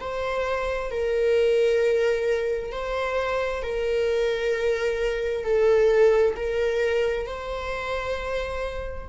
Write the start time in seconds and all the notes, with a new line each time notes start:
0.00 C5
0.90 A#4
2.72 C5
3.62 A#4
5.44 A4
6.36 A#4
7.26 C5